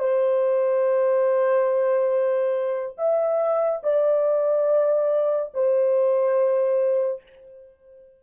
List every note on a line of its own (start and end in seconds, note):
0.00 2.96 C5
2.98 3.83 E5
3.84 5.53 D5
5.54 7.23 C5